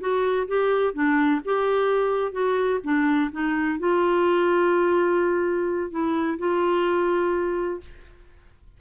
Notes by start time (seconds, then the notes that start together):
0.00 F#4
0.47 G4
0.94 D4
1.45 G4
2.32 F#4
2.84 D4
3.32 D#4
3.79 F4
5.91 E4
6.38 F4